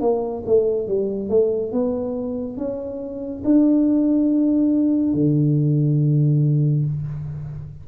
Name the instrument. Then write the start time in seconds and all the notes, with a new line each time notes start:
tuba
0.00 A#3
0.46 A3
0.87 G3
1.29 A3
1.71 B3
2.57 C#4
3.44 D4
5.14 D3